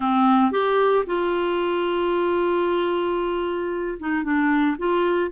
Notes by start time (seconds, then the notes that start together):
0.00 C4
0.51 G4
1.06 F4
3.99 D#4
4.23 D4
4.78 F4